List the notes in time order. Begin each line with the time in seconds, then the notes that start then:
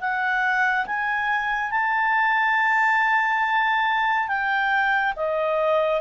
0.00 F#5
0.86 G#5
1.71 A5
4.28 G5
5.16 D#5